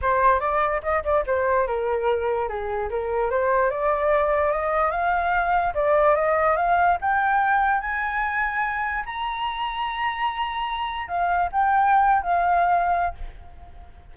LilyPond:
\new Staff \with { instrumentName = "flute" } { \time 4/4 \tempo 4 = 146 c''4 d''4 dis''8 d''8 c''4 | ais'2 gis'4 ais'4 | c''4 d''2 dis''4 | f''2 d''4 dis''4 |
f''4 g''2 gis''4~ | gis''2 ais''2~ | ais''2. f''4 | g''4.~ g''16 f''2~ f''16 | }